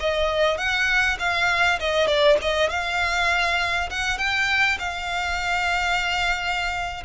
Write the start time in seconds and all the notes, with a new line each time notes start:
0.00 D#5
0.58 F#5
1.19 F5
1.79 D#5
2.07 D5
2.42 D#5
2.70 F5
3.90 F#5
4.18 G5
4.79 F5